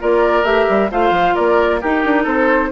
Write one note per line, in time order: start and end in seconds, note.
0.00 0.44 A#3
0.00 0.45 F4
0.00 0.91 A#4
0.00 0.45 D5
0.44 0.67 A3
0.44 0.90 G4
0.44 0.90 E5
0.69 0.92 G3
0.91 1.11 A3
0.91 1.82 F4
0.91 1.35 C5
0.91 1.36 F5
1.11 1.33 F3
1.35 1.84 A#3
1.35 1.80 A#4
1.35 1.81 D5
1.82 2.05 D#4
1.82 2.72 D#4
1.82 2.24 G4
1.82 2.27 A#4
2.05 2.26 D4
2.24 2.71 C4
2.24 2.69 A4
2.24 2.72 C5